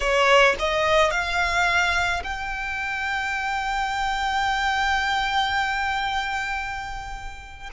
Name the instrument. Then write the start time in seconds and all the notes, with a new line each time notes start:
violin
0.00 C#5
0.59 D#5
1.10 F5
2.23 G5